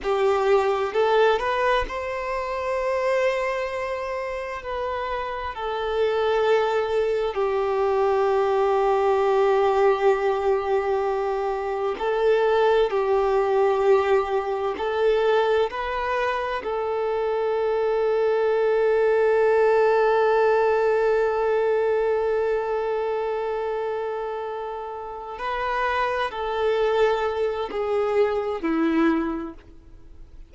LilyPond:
\new Staff \with { instrumentName = "violin" } { \time 4/4 \tempo 4 = 65 g'4 a'8 b'8 c''2~ | c''4 b'4 a'2 | g'1~ | g'4 a'4 g'2 |
a'4 b'4 a'2~ | a'1~ | a'2.~ a'8 b'8~ | b'8 a'4. gis'4 e'4 | }